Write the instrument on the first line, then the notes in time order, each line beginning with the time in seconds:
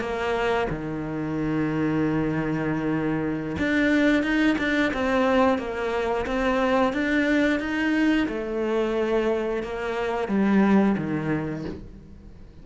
cello
0.00 A#3
0.70 D#3
3.58 D4
4.23 D#4
4.58 D4
4.93 C4
5.58 A#3
6.26 C4
6.93 D4
7.60 D#4
8.28 A3
9.63 A#3
10.28 G3
10.97 D#3